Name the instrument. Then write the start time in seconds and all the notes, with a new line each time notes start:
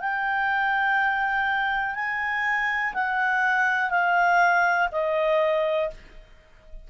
clarinet
0.00 G5
1.95 G#5
2.94 F#5
3.90 F5
4.92 D#5